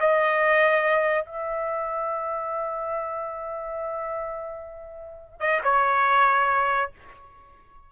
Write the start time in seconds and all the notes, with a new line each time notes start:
0.00 D#5
1.25 E5
5.40 D#5
5.63 C#5